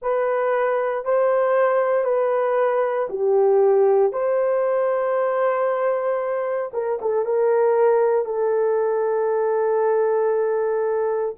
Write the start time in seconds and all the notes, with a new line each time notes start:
0.02 B4
1.04 C5
2.04 B4
3.09 G4
4.12 C5
6.73 A#4
7.01 A4
7.25 A#4
8.25 A4